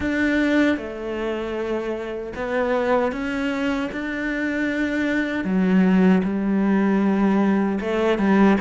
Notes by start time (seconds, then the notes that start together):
0.00 D4
0.77 A3
2.36 B3
3.12 C#4
3.92 D4
5.44 F#3
6.23 G3
7.80 A3
8.18 G3